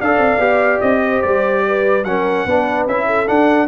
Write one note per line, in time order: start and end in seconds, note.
0.00 0.17 D4
0.00 0.40 A4
0.00 1.03 D5
0.00 0.81 F5
0.17 0.38 C4
0.38 0.79 B3
0.38 2.04 G4
0.81 1.23 C4
0.81 1.22 D#5
1.03 1.65 C5
1.22 2.04 G3
1.22 2.04 D5
1.67 2.08 B4
2.04 2.45 F#3
2.04 2.48 C#4
2.04 2.48 A#4
2.04 2.86 F#5
2.46 2.86 B3
2.46 2.89 D4
2.46 3.06 B4
2.86 3.27 C#4
2.86 3.27 E4
2.86 3.28 E5
3.06 3.68 A4
3.27 3.68 D4
3.27 3.68 F#5